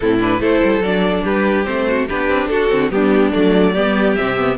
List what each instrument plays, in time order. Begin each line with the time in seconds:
0.00 cello A2, viola C4, violin E4 A4
0.19 viola D4, violin B4
0.40 cello A3, viola E4, violin A4 C5
0.63 cello G3
0.80 cello F#3, viola D4, violin D5
1.23 cello G3, violin G4 B4
1.65 cello A3, viola C4, violin C5
1.87 violin F#4
2.08 cello B3, viola D4, violin G4 B4
2.28 cello C4
2.47 cello D4, violin F#4 A4
2.69 cello D3, viola C4
2.90 cello G3, viola B3, violin D4 G4
3.32 cello F#3, viola A3, violin D5
3.73 cello G3, viola B3, violin G4
4.15 cello C3, viola C4, violin E5
4.36 viola B3